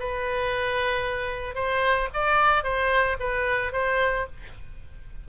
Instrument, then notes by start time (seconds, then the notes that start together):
oboe
0.00 B4
1.55 C5
2.14 D5
2.64 C5
3.20 B4
3.73 C5